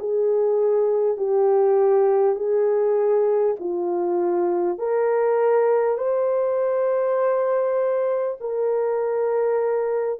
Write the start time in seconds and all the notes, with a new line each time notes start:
0.00 G#4
1.18 G4
2.36 G#4
3.60 F4
4.79 A#4
5.98 C5
8.41 A#4